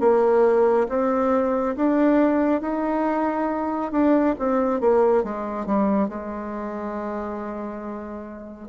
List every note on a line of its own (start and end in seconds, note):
0.00 0.87 A#3
0.89 1.75 C4
1.76 2.61 D4
2.61 3.92 D#4
3.92 4.35 D4
4.39 4.80 C4
4.80 5.24 A#3
5.24 5.66 G#3
5.66 6.08 G3
6.08 8.69 G#3